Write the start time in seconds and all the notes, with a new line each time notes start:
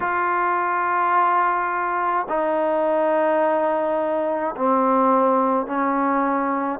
0.00 F4
2.28 D#4
4.56 C4
5.66 C#4